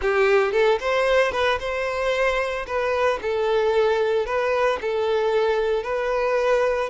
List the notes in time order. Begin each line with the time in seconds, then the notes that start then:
0.01 G4
0.52 A4
0.80 C5
1.32 B4
1.59 C5
2.66 B4
3.21 A4
4.26 B4
4.81 A4
5.83 B4